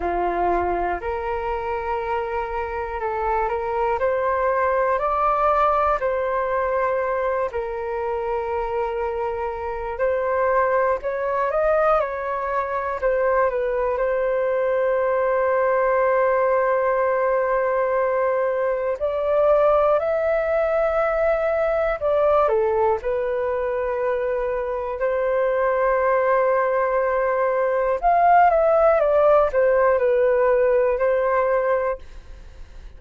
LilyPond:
\new Staff \with { instrumentName = "flute" } { \time 4/4 \tempo 4 = 60 f'4 ais'2 a'8 ais'8 | c''4 d''4 c''4. ais'8~ | ais'2 c''4 cis''8 dis''8 | cis''4 c''8 b'8 c''2~ |
c''2. d''4 | e''2 d''8 a'8 b'4~ | b'4 c''2. | f''8 e''8 d''8 c''8 b'4 c''4 | }